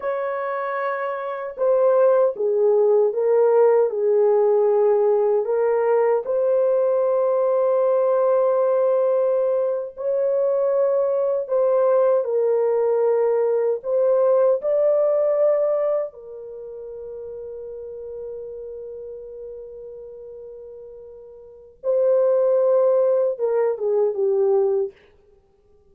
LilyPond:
\new Staff \with { instrumentName = "horn" } { \time 4/4 \tempo 4 = 77 cis''2 c''4 gis'4 | ais'4 gis'2 ais'4 | c''1~ | c''8. cis''2 c''4 ais'16~ |
ais'4.~ ais'16 c''4 d''4~ d''16~ | d''8. ais'2.~ ais'16~ | ais'1 | c''2 ais'8 gis'8 g'4 | }